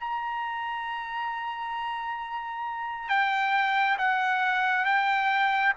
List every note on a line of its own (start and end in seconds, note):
0.00 3.09 A#5
3.09 3.97 G5
3.98 4.85 F#5
4.85 5.73 G5